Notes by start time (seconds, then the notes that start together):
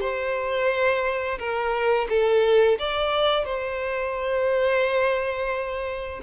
0.00 C5
1.38 A#4
2.09 A4
2.78 D5
3.45 C5